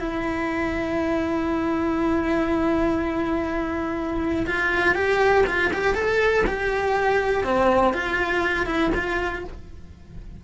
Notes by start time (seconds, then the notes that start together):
0.00 E4
4.46 F4
4.95 G4
5.47 F4
5.73 G4
5.94 A4
6.47 G4
7.44 C4
7.93 F4
8.66 E4
8.95 F4